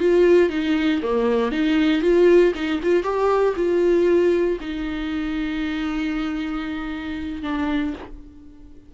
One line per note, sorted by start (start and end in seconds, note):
0.00 0.50 F4
0.50 1.01 D#4
1.03 1.52 A#3
1.52 2.02 D#4
2.02 2.53 F4
2.55 2.81 D#4
2.83 3.03 F4
3.03 3.55 G4
3.56 4.59 F4
4.61 7.43 D#4
7.43 7.94 D4